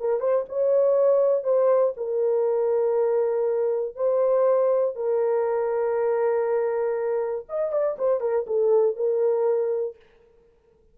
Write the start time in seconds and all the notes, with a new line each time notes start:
0.00 A#4
0.20 C5
0.49 C#5
1.44 C5
1.97 A#4
3.95 C5
4.95 A#4
7.49 D#5
7.72 D5
7.98 C5
8.20 A#4
8.47 A4
8.96 A#4